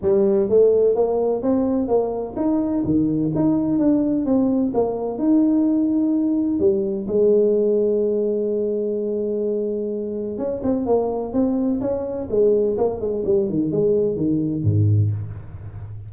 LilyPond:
\new Staff \with { instrumentName = "tuba" } { \time 4/4 \tempo 4 = 127 g4 a4 ais4 c'4 | ais4 dis'4 dis4 dis'4 | d'4 c'4 ais4 dis'4~ | dis'2 g4 gis4~ |
gis1~ | gis2 cis'8 c'8 ais4 | c'4 cis'4 gis4 ais8 gis8 | g8 dis8 gis4 dis4 gis,4 | }